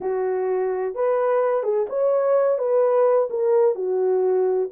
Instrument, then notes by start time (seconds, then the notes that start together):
horn
0.01 F#4
0.95 B4
1.63 G#4
1.89 C#5
2.58 B4
3.30 A#4
3.75 F#4